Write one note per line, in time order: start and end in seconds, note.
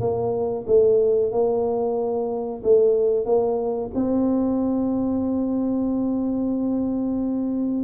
0.00 0.65 A#3
0.67 1.32 A3
1.32 2.62 A#3
2.63 3.25 A3
3.25 3.90 A#3
3.94 7.83 C4